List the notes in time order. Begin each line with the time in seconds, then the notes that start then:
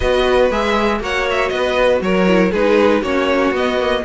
0.00 B3 F#4 B4 D#5
0.50 G#3 G#4 E5
1.00 A#3 F#4 C#5 F#5
1.30 E5
1.48 B3 B4 D#5
2.00 F#3 A#4 C#5
2.26 E4
2.51 G#3 D#4 G#4 B4
3.01 A#3 C#4 F#4 C#5
3.51 B3 D#5
3.79 A#3